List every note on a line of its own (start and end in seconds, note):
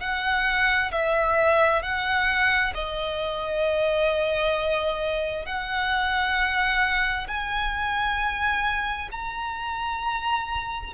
0.00 0.91 F#5
0.91 1.82 E5
1.82 2.73 F#5
2.74 5.45 D#5
5.45 7.27 F#5
7.27 9.09 G#5
9.12 10.93 A#5